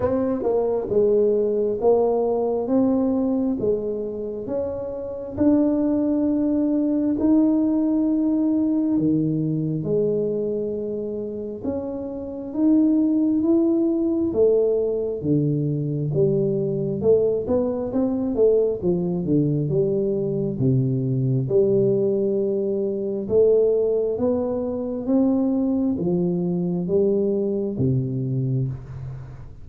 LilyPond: \new Staff \with { instrumentName = "tuba" } { \time 4/4 \tempo 4 = 67 c'8 ais8 gis4 ais4 c'4 | gis4 cis'4 d'2 | dis'2 dis4 gis4~ | gis4 cis'4 dis'4 e'4 |
a4 d4 g4 a8 b8 | c'8 a8 f8 d8 g4 c4 | g2 a4 b4 | c'4 f4 g4 c4 | }